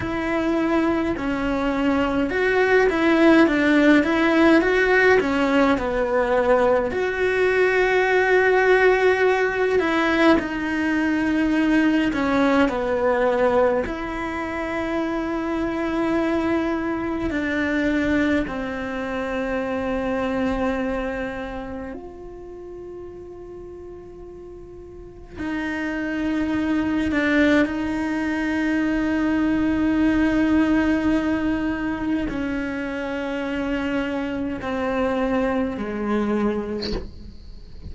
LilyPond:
\new Staff \with { instrumentName = "cello" } { \time 4/4 \tempo 4 = 52 e'4 cis'4 fis'8 e'8 d'8 e'8 | fis'8 cis'8 b4 fis'2~ | fis'8 e'8 dis'4. cis'8 b4 | e'2. d'4 |
c'2. f'4~ | f'2 dis'4. d'8 | dis'1 | cis'2 c'4 gis4 | }